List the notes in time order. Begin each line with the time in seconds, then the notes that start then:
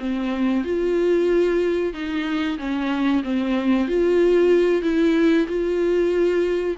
0.00 C4
0.65 F4
1.94 D#4
2.58 C#4
3.24 C4
3.88 F4
4.83 E4
5.48 F4